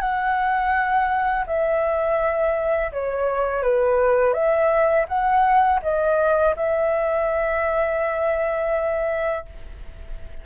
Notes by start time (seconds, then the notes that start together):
0.00 F#5
1.47 E5
2.92 C#5
3.62 B4
4.33 E5
5.08 F#5
5.82 D#5
6.56 E5